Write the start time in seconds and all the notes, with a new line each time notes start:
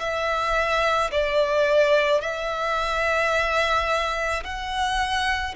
0.00 E5
1.12 D5
2.22 E5
4.44 F#5